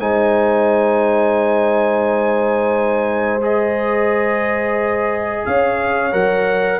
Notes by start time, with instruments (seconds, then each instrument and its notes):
0.00 tuba G#3, trombone D#4, horn C5, trumpet G#5
3.42 trombone G#4, trumpet D#5
5.46 tuba C#4, horn C#5, trumpet F5
6.12 tuba F#3, trombone A#4, trumpet F#5